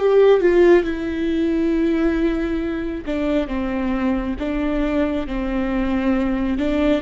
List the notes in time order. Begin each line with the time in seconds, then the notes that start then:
0.00 G4
0.41 F4
0.84 E4
3.06 D4
3.48 C4
4.39 D4
5.27 C4
6.59 D4